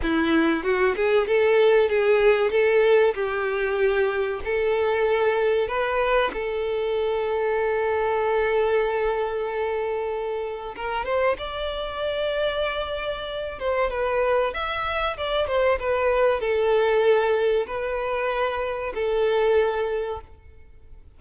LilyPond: \new Staff \with { instrumentName = "violin" } { \time 4/4 \tempo 4 = 95 e'4 fis'8 gis'8 a'4 gis'4 | a'4 g'2 a'4~ | a'4 b'4 a'2~ | a'1~ |
a'4 ais'8 c''8 d''2~ | d''4. c''8 b'4 e''4 | d''8 c''8 b'4 a'2 | b'2 a'2 | }